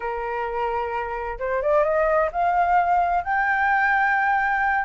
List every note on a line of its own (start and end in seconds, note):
0.00 1.38 A#4
1.38 1.62 C5
1.62 1.83 D5
1.83 2.30 D#5
2.32 3.23 F5
3.23 4.85 G5